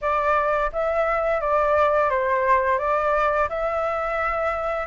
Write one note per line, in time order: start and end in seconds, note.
0.01 0.70 D5
0.72 1.40 E5
1.40 2.10 D5
2.10 2.78 C5
2.78 3.48 D5
3.49 4.86 E5